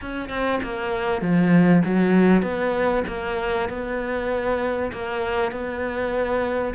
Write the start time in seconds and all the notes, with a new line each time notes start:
0.01 C#4
0.29 C4
0.63 A#3
1.21 F3
1.84 F#3
2.42 B3
3.08 A#3
3.69 B3
4.92 A#3
5.51 B3